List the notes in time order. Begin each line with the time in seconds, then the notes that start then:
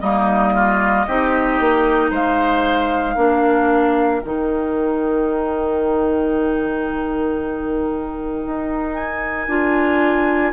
0.00 G3 A#3 D#4 D#5
0.53 F4
1.07 C4 D#4 G4
1.60 A#3
2.10 G#3 C5 F5
3.15 A#3 D4 A#4
4.22 D#3 D#4 G5
8.46 D#4
8.95 G#5
9.48 D4 F4